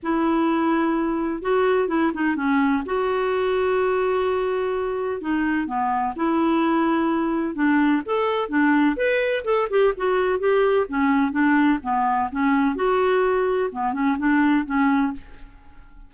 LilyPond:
\new Staff \with { instrumentName = "clarinet" } { \time 4/4 \tempo 4 = 127 e'2. fis'4 | e'8 dis'8 cis'4 fis'2~ | fis'2. dis'4 | b4 e'2. |
d'4 a'4 d'4 b'4 | a'8 g'8 fis'4 g'4 cis'4 | d'4 b4 cis'4 fis'4~ | fis'4 b8 cis'8 d'4 cis'4 | }